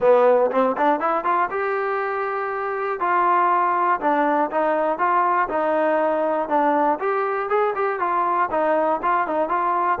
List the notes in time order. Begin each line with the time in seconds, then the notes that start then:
0.00 B3
0.51 C4
0.77 D4
1.00 E4
1.24 F4
1.50 G4
3.00 F4
4.00 D4
4.50 D#4
4.98 F4
5.48 D#4
6.48 D4
6.99 G4
7.49 G#4
7.75 G4
7.99 F4
8.50 D#4
9.02 F4
9.27 D#4
9.48 F4